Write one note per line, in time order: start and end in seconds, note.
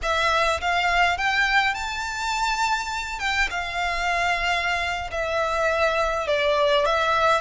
0.02 0.60 E5
0.60 1.17 F5
1.17 1.74 G5
1.74 3.19 A5
3.19 3.48 G5
3.50 5.10 F5
5.11 6.27 E5
6.27 6.85 D5
6.85 7.41 E5